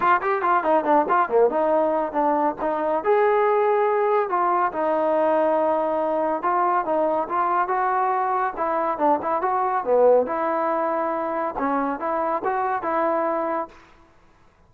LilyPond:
\new Staff \with { instrumentName = "trombone" } { \time 4/4 \tempo 4 = 140 f'8 g'8 f'8 dis'8 d'8 f'8 ais8 dis'8~ | dis'4 d'4 dis'4 gis'4~ | gis'2 f'4 dis'4~ | dis'2. f'4 |
dis'4 f'4 fis'2 | e'4 d'8 e'8 fis'4 b4 | e'2. cis'4 | e'4 fis'4 e'2 | }